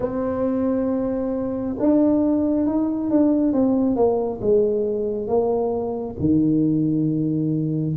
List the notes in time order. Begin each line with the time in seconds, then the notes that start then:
0.00 C4
1.79 D4
2.66 D#4
3.10 D4
3.53 C4
3.95 A#3
4.41 G#3
5.27 A#3
6.19 D#3